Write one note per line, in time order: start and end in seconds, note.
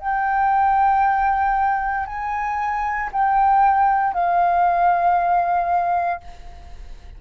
0.00 2.07 G5
2.07 3.10 G#5
3.13 4.14 G5
4.14 6.21 F5